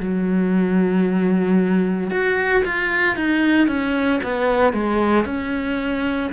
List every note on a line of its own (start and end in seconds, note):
0.00 2.11 F#3
2.11 2.63 F#4
2.65 3.16 F4
3.16 3.68 D#4
3.68 4.21 C#4
4.23 4.73 B3
4.73 5.25 G#3
5.25 6.31 C#4